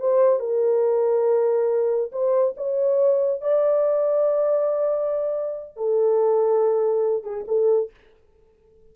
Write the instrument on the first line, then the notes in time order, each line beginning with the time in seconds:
horn
0.00 C5
0.40 A#4
2.13 C5
2.57 C#5
3.41 D5
5.77 A4
7.24 G#4
7.48 A4